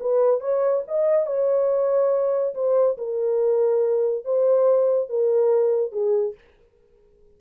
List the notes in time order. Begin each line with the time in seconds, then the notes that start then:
0.00 B4
0.40 C#5
0.87 D#5
1.26 C#5
2.55 C5
2.98 A#4
4.25 C5
5.09 A#4
5.92 G#4